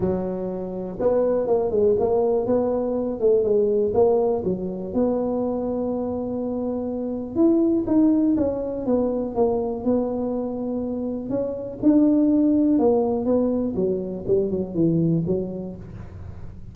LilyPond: \new Staff \with { instrumentName = "tuba" } { \time 4/4 \tempo 4 = 122 fis2 b4 ais8 gis8 | ais4 b4. a8 gis4 | ais4 fis4 b2~ | b2. e'4 |
dis'4 cis'4 b4 ais4 | b2. cis'4 | d'2 ais4 b4 | fis4 g8 fis8 e4 fis4 | }